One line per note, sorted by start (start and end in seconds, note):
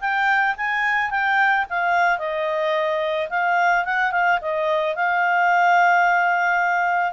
0.00 0.55 G5
0.57 1.10 G#5
1.10 1.65 G5
1.69 2.18 F5
2.18 3.28 D#5
3.29 3.84 F5
3.85 4.11 F#5
4.11 4.39 F5
4.41 4.95 D#5
4.95 7.13 F5